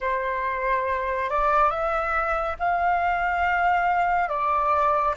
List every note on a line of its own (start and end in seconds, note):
0.00 1.29 C5
1.29 1.70 D5
1.70 2.56 E5
2.59 4.29 F5
4.29 5.14 D5